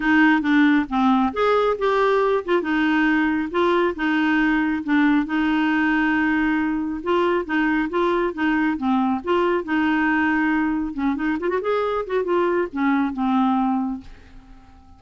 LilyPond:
\new Staff \with { instrumentName = "clarinet" } { \time 4/4 \tempo 4 = 137 dis'4 d'4 c'4 gis'4 | g'4. f'8 dis'2 | f'4 dis'2 d'4 | dis'1 |
f'4 dis'4 f'4 dis'4 | c'4 f'4 dis'2~ | dis'4 cis'8 dis'8 f'16 fis'16 gis'4 fis'8 | f'4 cis'4 c'2 | }